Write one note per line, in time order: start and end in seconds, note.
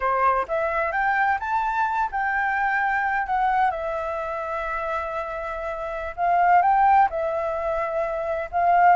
0.00 0.46 C5
0.48 0.92 E5
0.92 1.38 G5
1.39 2.09 A5
2.11 3.26 G5
3.26 3.71 F#5
3.71 6.15 E5
6.16 6.62 F5
6.62 7.08 G5
7.10 8.49 E5
8.51 8.95 F5